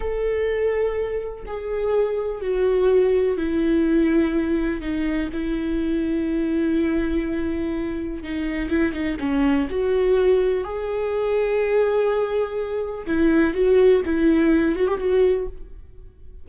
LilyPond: \new Staff \with { instrumentName = "viola" } { \time 4/4 \tempo 4 = 124 a'2. gis'4~ | gis'4 fis'2 e'4~ | e'2 dis'4 e'4~ | e'1~ |
e'4 dis'4 e'8 dis'8 cis'4 | fis'2 gis'2~ | gis'2. e'4 | fis'4 e'4. fis'16 g'16 fis'4 | }